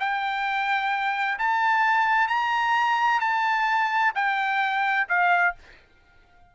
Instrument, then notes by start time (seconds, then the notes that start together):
trumpet
0.00 G5
1.39 A5
2.28 A#5
3.20 A5
4.15 G5
5.09 F5